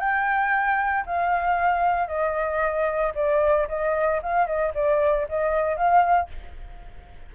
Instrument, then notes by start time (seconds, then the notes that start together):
flute
0.00 G5
1.07 F5
2.08 D#5
3.15 D5
3.69 D#5
4.23 F5
4.47 D#5
4.75 D5
5.29 D#5
5.77 F5